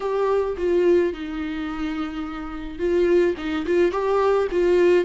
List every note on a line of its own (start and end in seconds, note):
0.00 0.56 G4
0.57 1.13 F4
1.13 2.78 D#4
2.78 3.34 F4
3.37 3.65 D#4
3.66 3.91 F4
3.91 4.47 G4
4.51 5.05 F4